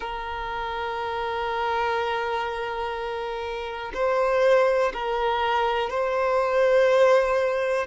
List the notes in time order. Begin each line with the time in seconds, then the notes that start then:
0.00 A#4
3.93 C5
4.93 A#4
5.90 C5